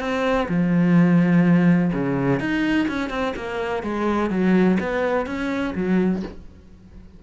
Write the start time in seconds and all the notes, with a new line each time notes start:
0.00 C4
0.49 F3
1.93 C#3
2.40 D#4
2.88 C#4
3.10 C4
3.36 A#3
3.83 G#3
4.30 F#3
4.80 B3
5.27 C#4
5.75 F#3